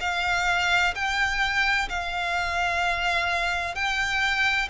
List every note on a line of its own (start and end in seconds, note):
0.00 0.94 F5
0.95 1.88 G5
1.89 3.75 F5
3.75 4.68 G5